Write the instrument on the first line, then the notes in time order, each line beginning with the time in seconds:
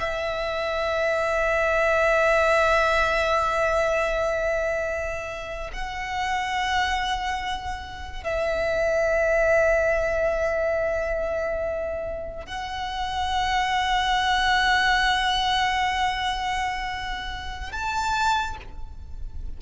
violin
0.00 E5
5.73 F#5
8.24 E5
12.46 F#5
17.72 A5